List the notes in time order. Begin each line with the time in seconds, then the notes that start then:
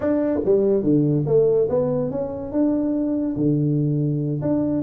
0.00 D4
0.44 G3
0.83 D3
1.26 A3
1.69 B3
2.10 C#4
2.52 D4
3.36 D3
4.41 D4